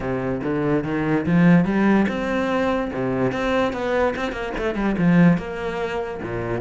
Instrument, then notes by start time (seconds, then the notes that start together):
cello
0.00 C3
0.43 D3
0.84 D#3
1.25 F3
1.65 G3
2.08 C4
2.93 C3
3.32 C4
3.73 B3
4.16 C4
4.31 A#3
4.57 A3
4.75 G3
4.98 F3
5.37 A#3
6.22 A#2